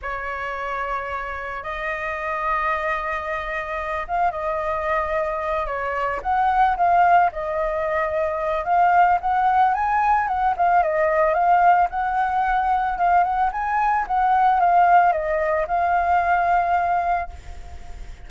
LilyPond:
\new Staff \with { instrumentName = "flute" } { \time 4/4 \tempo 4 = 111 cis''2. dis''4~ | dis''2.~ dis''8 f''8 | dis''2~ dis''8 cis''4 fis''8~ | fis''8 f''4 dis''2~ dis''8 |
f''4 fis''4 gis''4 fis''8 f''8 | dis''4 f''4 fis''2 | f''8 fis''8 gis''4 fis''4 f''4 | dis''4 f''2. | }